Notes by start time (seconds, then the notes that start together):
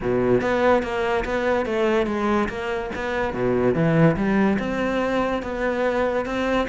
0.00 B2
0.41 B3
0.82 A#3
1.24 B3
1.65 A3
2.06 G#3
2.48 A#3
2.95 B3
3.33 B2
3.74 E3
4.16 G3
4.59 C4
5.42 B3
6.25 C4